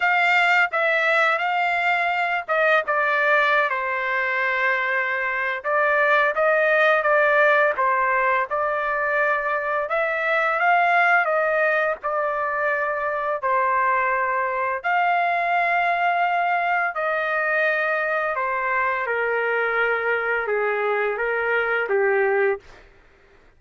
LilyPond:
\new Staff \with { instrumentName = "trumpet" } { \time 4/4 \tempo 4 = 85 f''4 e''4 f''4. dis''8 | d''4~ d''16 c''2~ c''8. | d''4 dis''4 d''4 c''4 | d''2 e''4 f''4 |
dis''4 d''2 c''4~ | c''4 f''2. | dis''2 c''4 ais'4~ | ais'4 gis'4 ais'4 g'4 | }